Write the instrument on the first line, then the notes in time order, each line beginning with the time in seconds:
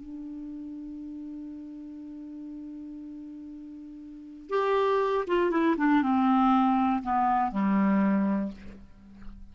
clarinet
0.00 D4
4.50 G4
5.27 F4
5.51 E4
5.77 D4
6.02 C4
7.03 B3
7.52 G3